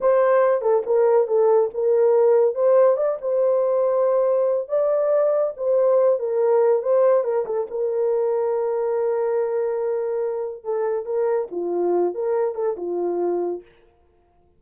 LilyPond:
\new Staff \with { instrumentName = "horn" } { \time 4/4 \tempo 4 = 141 c''4. a'8 ais'4 a'4 | ais'2 c''4 d''8 c''8~ | c''2. d''4~ | d''4 c''4. ais'4. |
c''4 ais'8 a'8 ais'2~ | ais'1~ | ais'4 a'4 ais'4 f'4~ | f'8 ais'4 a'8 f'2 | }